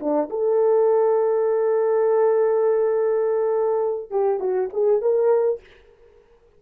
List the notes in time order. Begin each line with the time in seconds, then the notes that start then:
0.00 D4
0.30 A4
4.11 G4
4.40 F#4
4.73 G#4
5.02 A#4